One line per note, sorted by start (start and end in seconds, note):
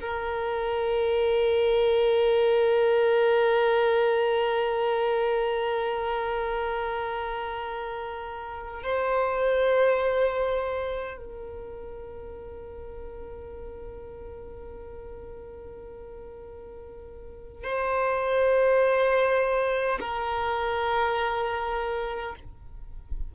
0.00 8.82 A#4
8.82 11.17 C5
11.17 17.63 A#4
17.63 19.98 C5
19.99 22.35 A#4